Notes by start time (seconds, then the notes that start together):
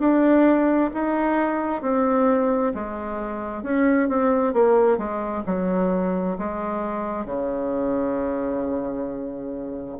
0.00 D4
0.94 D#4
1.82 C4
2.75 G#3
3.64 C#4
4.09 C4
4.54 A#3
4.98 G#3
5.47 F#3
6.39 G#3
7.26 C#3